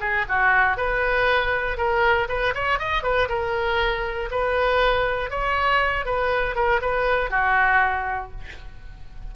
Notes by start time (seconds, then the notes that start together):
0.00 G#4
0.28 F#4
0.77 B4
1.77 A#4
2.28 B4
2.54 C#5
2.79 D#5
3.03 B4
3.28 A#4
4.31 B4
5.30 C#5
6.05 B4
6.55 A#4
6.81 B4
7.30 F#4